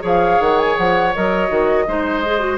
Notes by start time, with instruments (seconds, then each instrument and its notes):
0.00 bassoon F3, clarinet G#4, oboe C#5
0.07 flute F5
0.39 bassoon D#3, flute F#5
0.59 flute G#5
0.77 bassoon F3, flute F#5
1.15 bassoon F#3, clarinet A#4, flute D#5
1.48 bassoon D#3, clarinet F#4
1.87 bassoon G#3, clarinet D#4, oboe C5
2.25 clarinet G#4
2.39 clarinet F#4